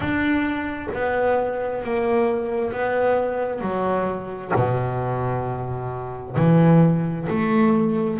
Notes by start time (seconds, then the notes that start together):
0.00 D4
0.93 B3
1.83 A#3
2.72 B3
3.61 F#3
4.55 B2
6.36 E3
7.29 A3